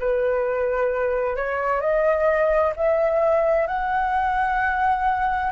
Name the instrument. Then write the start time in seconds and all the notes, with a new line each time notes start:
flute
0.00 B4
1.36 C#5
1.80 D#5
2.76 E5
3.67 F#5